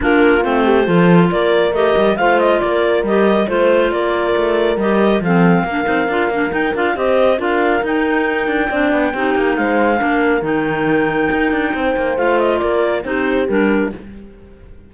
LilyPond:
<<
  \new Staff \with { instrumentName = "clarinet" } { \time 4/4 \tempo 4 = 138 ais'4 c''2 d''4 | dis''4 f''8 dis''8 d''4 dis''4 | c''4 d''2 dis''4 | f''2. g''8 f''8 |
dis''4 f''4 g''2~ | g''2 f''2 | g''1 | f''8 dis''8 d''4 c''4 ais'4 | }
  \new Staff \with { instrumentName = "horn" } { \time 4/4 f'4. g'8 a'4 ais'4~ | ais'4 c''4 ais'2 | c''4 ais'2. | a'4 ais'2. |
c''4 ais'2. | d''4 g'4 c''4 ais'4~ | ais'2. c''4~ | c''4 ais'4 g'2 | }
  \new Staff \with { instrumentName = "clarinet" } { \time 4/4 d'4 c'4 f'2 | g'4 f'2 g'4 | f'2. g'4 | c'4 d'8 dis'8 f'8 d'8 dis'8 f'8 |
g'4 f'4 dis'2 | d'4 dis'2 d'4 | dis'1 | f'2 dis'4 d'4 | }
  \new Staff \with { instrumentName = "cello" } { \time 4/4 ais4 a4 f4 ais4 | a8 g8 a4 ais4 g4 | a4 ais4 a4 g4 | f4 ais8 c'8 d'8 ais8 dis'8 d'8 |
c'4 d'4 dis'4. d'8 | c'8 b8 c'8 ais8 gis4 ais4 | dis2 dis'8 d'8 c'8 ais8 | a4 ais4 c'4 g4 | }
>>